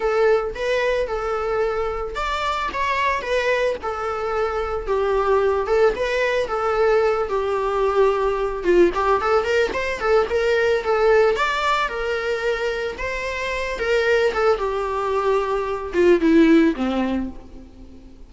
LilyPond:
\new Staff \with { instrumentName = "viola" } { \time 4/4 \tempo 4 = 111 a'4 b'4 a'2 | d''4 cis''4 b'4 a'4~ | a'4 g'4. a'8 b'4 | a'4. g'2~ g'8 |
f'8 g'8 a'8 ais'8 c''8 a'8 ais'4 | a'4 d''4 ais'2 | c''4. ais'4 a'8 g'4~ | g'4. f'8 e'4 c'4 | }